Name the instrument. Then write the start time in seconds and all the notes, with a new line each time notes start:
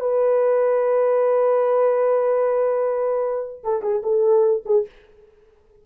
horn
0.00 B4
3.64 A4
3.82 G#4
4.02 A4
4.65 G#4